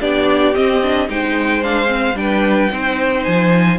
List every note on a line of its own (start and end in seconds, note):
0.00 0.55 B3
0.00 0.54 D4
0.00 1.08 G4
0.00 0.55 D5
0.54 0.81 C4
0.54 1.09 C4
0.54 1.09 D#5
0.83 1.08 D4
1.08 2.14 G#3
1.08 1.62 D#4
1.08 2.18 C5
1.08 1.64 G5
1.62 1.86 D4
1.62 2.17 F5
1.86 2.13 C4
2.14 2.68 G3
2.14 2.70 D4
2.14 3.24 G5
2.20 2.71 B4
2.71 3.26 C4
2.71 3.78 D#4
2.71 3.78 C5
3.24 3.78 F3
3.24 3.78 G#5